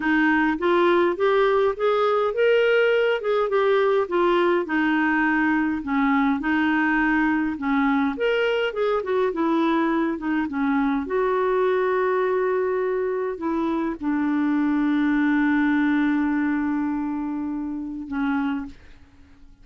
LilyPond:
\new Staff \with { instrumentName = "clarinet" } { \time 4/4 \tempo 4 = 103 dis'4 f'4 g'4 gis'4 | ais'4. gis'8 g'4 f'4 | dis'2 cis'4 dis'4~ | dis'4 cis'4 ais'4 gis'8 fis'8 |
e'4. dis'8 cis'4 fis'4~ | fis'2. e'4 | d'1~ | d'2. cis'4 | }